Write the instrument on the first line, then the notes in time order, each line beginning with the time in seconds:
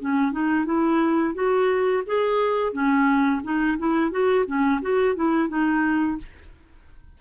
clarinet
0.00 C#4
0.32 D#4
0.65 E4
1.34 F#4
2.07 G#4
2.73 C#4
3.44 D#4
3.79 E4
4.11 F#4
4.46 C#4
4.82 F#4
5.16 E4
5.49 D#4